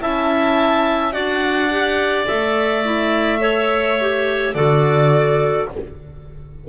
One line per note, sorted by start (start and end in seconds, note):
0.00 1.13 C#4
0.00 1.12 E4
0.00 1.13 E5
0.00 1.12 A5
1.12 2.26 D4
1.12 1.68 F#4
1.12 3.40 D5
1.12 2.25 F#5
1.71 2.26 G4
2.26 4.54 A3
2.26 2.83 A4
2.26 4.54 E5
2.84 3.38 E4
3.38 3.95 A4
3.38 4.54 C#5
4.00 4.55 G4
4.54 5.68 D3
4.54 5.68 F#4
4.54 5.68 A4
4.54 5.67 D5